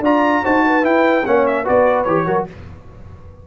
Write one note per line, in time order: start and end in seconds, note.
0.00 0.41 D4
0.00 0.44 F4
0.00 0.43 D5
0.00 0.45 A#5
0.43 0.83 D#4
0.43 0.82 F#4
0.43 0.64 C5
0.43 0.85 A5
0.66 1.26 B4
0.82 1.23 E4
0.82 1.24 E4
0.82 1.26 G5
1.25 1.67 A#3
1.25 1.65 C#4
1.25 1.63 C#5
1.25 1.46 F#5
1.47 1.67 E5
1.63 2.06 B3
1.63 2.06 F#4
1.63 2.25 B4
1.63 2.03 D5
2.03 2.27 E3
2.03 2.27 G4
2.03 2.44 C#5
2.27 2.47 F#3
2.27 2.47 F#4
2.27 2.47 A#4